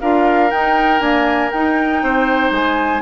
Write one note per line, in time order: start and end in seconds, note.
0.00 0.52 D4
0.00 0.49 F4
0.00 2.03 A#4
0.00 0.50 F5
0.49 1.00 D#4
0.49 0.99 G5
0.99 1.51 A#3
0.99 1.50 D4
0.99 1.50 G#5
1.51 2.02 D#4
1.51 3.02 D#4
1.51 2.52 G5
2.02 2.51 C4
2.02 3.02 C5
2.51 3.01 G#3
2.51 3.02 G#5